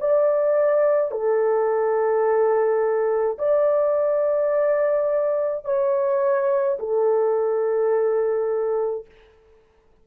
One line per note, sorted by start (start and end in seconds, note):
0.00 1.11 D5
1.11 3.38 A4
3.39 5.65 D5
5.65 6.78 C#5
6.79 9.06 A4